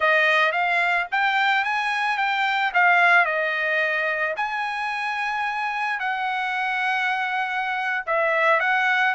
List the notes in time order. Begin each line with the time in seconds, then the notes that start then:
0.00 D#5
0.52 F5
1.11 G5
1.64 G#5
2.17 G5
2.74 F5
3.25 D#5
4.36 G#5
5.99 F#5
8.06 E5
8.60 F#5